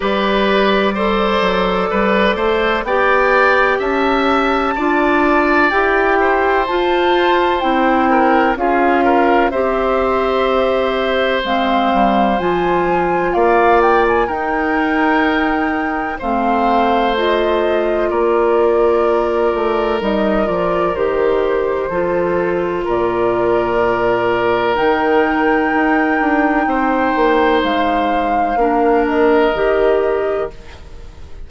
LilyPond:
<<
  \new Staff \with { instrumentName = "flute" } { \time 4/4 \tempo 4 = 63 d''2. g''4 | a''2 g''4 a''4 | g''4 f''4 e''2 | f''4 gis''4 f''8 g''16 gis''16 g''4~ |
g''4 f''4 dis''4 d''4~ | d''4 dis''8 d''8 c''2 | d''2 g''2~ | g''4 f''4. dis''4. | }
  \new Staff \with { instrumentName = "oboe" } { \time 4/4 b'4 c''4 b'8 c''8 d''4 | e''4 d''4. c''4.~ | c''8 ais'8 gis'8 ais'8 c''2~ | c''2 d''4 ais'4~ |
ais'4 c''2 ais'4~ | ais'2. a'4 | ais'1 | c''2 ais'2 | }
  \new Staff \with { instrumentName = "clarinet" } { \time 4/4 g'4 a'2 g'4~ | g'4 f'4 g'4 f'4 | e'4 f'4 g'2 | c'4 f'2 dis'4~ |
dis'4 c'4 f'2~ | f'4 dis'8 f'8 g'4 f'4~ | f'2 dis'2~ | dis'2 d'4 g'4 | }
  \new Staff \with { instrumentName = "bassoon" } { \time 4/4 g4. fis8 g8 a8 b4 | cis'4 d'4 e'4 f'4 | c'4 cis'4 c'2 | gis8 g8 f4 ais4 dis'4~ |
dis'4 a2 ais4~ | ais8 a8 g8 f8 dis4 f4 | ais,2 dis4 dis'8 d'8 | c'8 ais8 gis4 ais4 dis4 | }
>>